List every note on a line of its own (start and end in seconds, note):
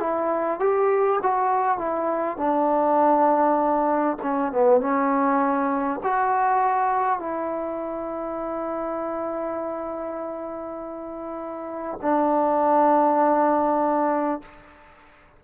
0.00 0.59 E4
0.59 1.19 G4
1.23 1.78 F#4
1.78 2.37 E4
2.37 4.17 D4
4.23 4.52 C#4
4.52 4.81 B3
4.81 6.01 C#4
6.03 7.19 F#4
7.19 11.99 E4
12.02 14.42 D4